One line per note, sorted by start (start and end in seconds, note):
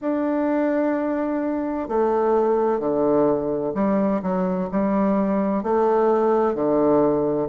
0.01 1.88 D4
1.88 2.79 A3
2.79 3.73 D3
3.74 4.21 G3
4.22 4.69 F#3
4.71 5.62 G3
5.62 6.55 A3
6.55 7.48 D3